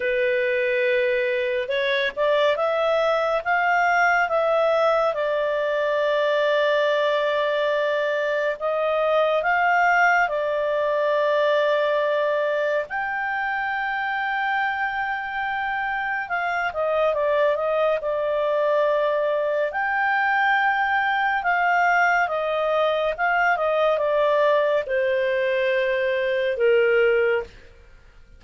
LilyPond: \new Staff \with { instrumentName = "clarinet" } { \time 4/4 \tempo 4 = 70 b'2 cis''8 d''8 e''4 | f''4 e''4 d''2~ | d''2 dis''4 f''4 | d''2. g''4~ |
g''2. f''8 dis''8 | d''8 dis''8 d''2 g''4~ | g''4 f''4 dis''4 f''8 dis''8 | d''4 c''2 ais'4 | }